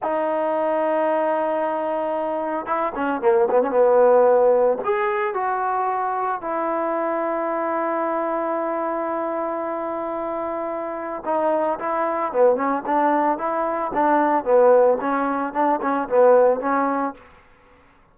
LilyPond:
\new Staff \with { instrumentName = "trombone" } { \time 4/4 \tempo 4 = 112 dis'1~ | dis'4 e'8 cis'8 ais8 b16 cis'16 b4~ | b4 gis'4 fis'2 | e'1~ |
e'1~ | e'4 dis'4 e'4 b8 cis'8 | d'4 e'4 d'4 b4 | cis'4 d'8 cis'8 b4 cis'4 | }